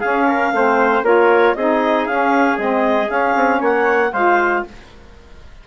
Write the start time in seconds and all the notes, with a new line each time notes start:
0.00 C#4 G#4 F5
0.28 A#4
0.52 A3 C4 C5
1.03 A#3 F4 A#4 C#5
1.55 C4 D#4 G#4 D#5
2.06 C#4 F5
2.58 G#3 C4 D#5
3.07 C#4 F5
3.36 C4
3.60 A#3 C#5 F#5
4.13 G#3 F4 C5 F5